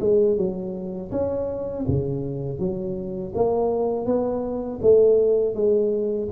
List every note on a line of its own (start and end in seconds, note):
0.00 0.37 G#3
0.37 1.11 F#3
1.11 1.86 C#4
1.87 2.59 C#3
2.59 3.33 F#3
3.35 4.06 A#3
4.06 4.80 B3
4.81 5.55 A3
5.55 6.29 G#3